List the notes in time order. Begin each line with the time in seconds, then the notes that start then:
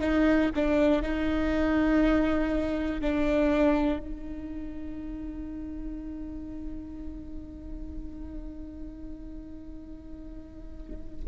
0.00 D#4
0.55 D4
1.02 D#4
3.01 D4
3.99 D#4